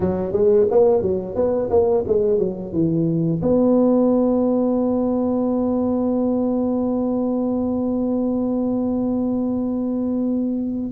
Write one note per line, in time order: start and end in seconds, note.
0.00 0.32 F#3
0.32 0.66 G#3
0.70 1.01 A#3
1.01 1.35 F#3
1.35 1.69 B3
1.70 2.04 A#3
2.07 2.39 G#3
2.39 2.72 F#3
2.72 3.41 E3
3.42 10.92 B3